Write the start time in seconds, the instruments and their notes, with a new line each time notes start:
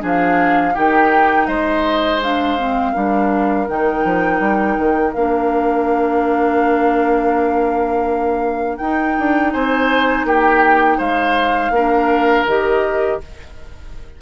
0.00 bassoon F3, clarinet D4, oboe G#4, flute F5
0.74 bassoon D#3, clarinet D#4, oboe G4, flute G5
1.47 bassoon G#3, oboe C5, flute D#5
2.22 clarinet D4, flute F5
2.58 clarinet C4
2.92 bassoon G3, clarinet D4, oboe A#4
3.68 bassoon D#3, clarinet D#4, flute G5
4.05 bassoon F3
4.40 bassoon G3
4.79 bassoon D#3
5.13 bassoon A#3, clarinet D4, flute F5
8.78 bassoon D#4, clarinet D#4, flute G5
9.19 bassoon D4
9.52 bassoon C4, oboe C5, flute G#5
10.25 bassoon A#3, oboe G4, flute G5
10.98 bassoon G#3, oboe C5, flute F5
11.70 bassoon A#3, clarinet D4, oboe A#4
12.47 bassoon D#3, clarinet G4, flute D#5